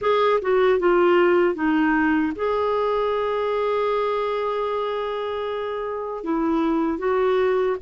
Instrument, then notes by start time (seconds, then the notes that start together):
clarinet
0.01 G#4
0.41 F#4
0.79 F4
1.54 D#4
2.36 G#4
6.23 E4
6.98 F#4